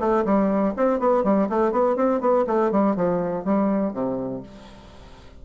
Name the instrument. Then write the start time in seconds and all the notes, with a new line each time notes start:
bassoon
0.00 A3
0.25 G3
0.77 C4
1.00 B3
1.24 G3
1.50 A3
1.72 B3
1.96 C4
2.21 B3
2.47 A3
2.72 G3
2.96 F3
3.45 G3
3.94 C3